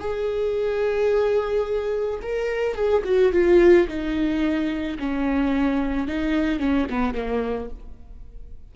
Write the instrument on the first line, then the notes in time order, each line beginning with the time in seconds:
viola
0.00 G#4
2.22 A#4
2.75 G#4
3.05 F#4
3.33 F4
3.88 D#4
4.99 C#4
6.08 D#4
6.60 C#4
6.90 B3
7.15 A#3